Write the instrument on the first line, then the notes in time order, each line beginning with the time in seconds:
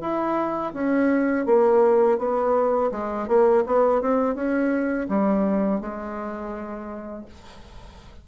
bassoon
0.00 E4
0.73 C#4
1.45 A#3
2.18 B3
2.91 G#3
3.27 A#3
3.66 B3
4.01 C4
4.35 C#4
5.08 G3
5.80 G#3